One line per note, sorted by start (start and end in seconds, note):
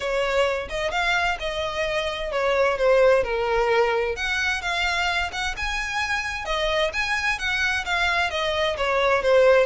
0.00 0.68 C#5
0.69 0.91 D#5
0.91 1.37 F5
1.39 2.31 D#5
2.31 2.77 C#5
2.77 3.23 C5
3.23 4.16 A#4
4.16 4.61 F#5
4.61 5.30 F5
5.32 5.55 F#5
5.56 6.45 G#5
6.45 6.91 D#5
6.93 7.38 G#5
7.38 7.85 F#5
7.85 8.30 F5
8.30 8.76 D#5
8.77 9.22 C#5
9.22 9.66 C5